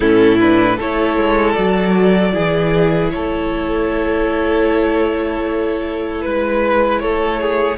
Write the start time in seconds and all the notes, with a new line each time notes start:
0.00 A2 C#4 E4 A4
0.39 D4 B4
0.76 A3 E4 A4 C#5
1.16 G#3
1.53 F#3 F#4 D5
2.31 E3 E4 G#4
3.10 A3 A4 C#5
6.21 G#3 B4
6.99 A3 A4 C#5
7.40 G#4